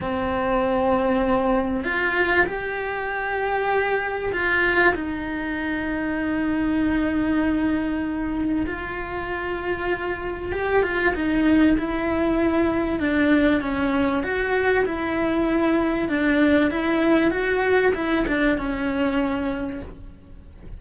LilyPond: \new Staff \with { instrumentName = "cello" } { \time 4/4 \tempo 4 = 97 c'2. f'4 | g'2. f'4 | dis'1~ | dis'2 f'2~ |
f'4 g'8 f'8 dis'4 e'4~ | e'4 d'4 cis'4 fis'4 | e'2 d'4 e'4 | fis'4 e'8 d'8 cis'2 | }